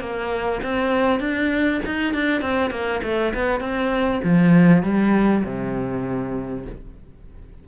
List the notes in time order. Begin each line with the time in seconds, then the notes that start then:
0.00 A#3
0.63 C4
1.20 D4
1.85 D#4
2.13 D4
2.41 C4
2.70 A#3
3.03 A3
3.34 B3
3.60 C4
4.23 F3
4.83 G3
5.44 C3